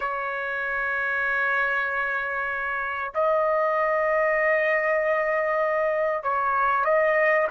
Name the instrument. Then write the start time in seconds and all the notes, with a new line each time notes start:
trumpet
0.00 C#5
3.14 D#5
6.23 C#5
6.84 D#5